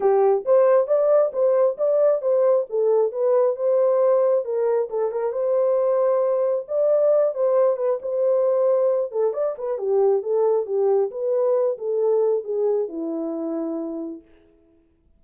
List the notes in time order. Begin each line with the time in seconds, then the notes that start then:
0.00 G4
0.45 C5
0.87 D5
1.32 C5
1.77 D5
2.21 C5
2.69 A4
3.12 B4
3.56 C5
4.44 A#4
4.90 A4
5.11 A#4
5.32 C5
6.67 D5
7.34 C5
7.76 B4
8.02 C5
9.11 A4
9.33 D5
9.58 B4
9.78 G4
10.22 A4
10.65 G4
11.11 B4
11.78 A4
12.44 G#4
12.88 E4